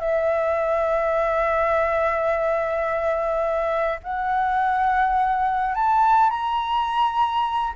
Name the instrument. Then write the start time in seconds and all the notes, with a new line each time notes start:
flute
0.00 E5
4.03 F#5
5.75 A5
6.30 A#5